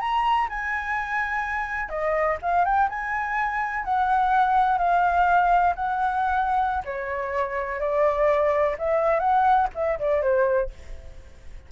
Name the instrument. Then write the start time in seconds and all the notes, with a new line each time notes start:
flute
0.00 A#5
0.49 G#5
1.89 D#5
2.42 F5
2.65 G5
2.89 G#5
3.84 F#5
4.78 F5
5.75 F#5
6.85 C#5
7.80 D5
8.79 E5
9.20 F#5
9.75 E5
9.99 D5
10.22 C5